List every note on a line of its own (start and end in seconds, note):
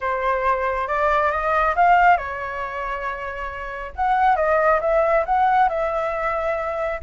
0.01 0.87 C5
0.87 1.31 D5
1.31 1.74 D#5
1.75 2.17 F5
2.17 3.92 C#5
3.95 4.36 F#5
4.36 4.80 D#5
4.81 5.24 E5
5.25 5.69 F#5
5.69 7.00 E5